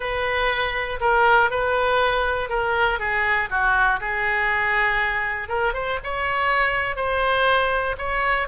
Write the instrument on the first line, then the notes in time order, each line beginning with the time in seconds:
oboe
0.00 B4
1.00 A#4
1.50 B4
2.49 A#4
2.99 G#4
3.50 F#4
4.00 G#4
5.48 A#4
5.73 C5
6.03 C#5
6.96 C5
7.98 C#5